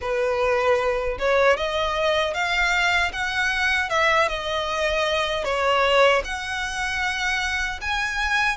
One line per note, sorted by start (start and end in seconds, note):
0.01 1.18 B4
1.19 1.56 C#5
1.56 2.33 D#5
2.33 3.11 F5
3.12 3.89 F#5
3.89 4.28 E5
4.28 5.44 D#5
5.44 6.22 C#5
6.24 7.80 F#5
7.81 8.57 G#5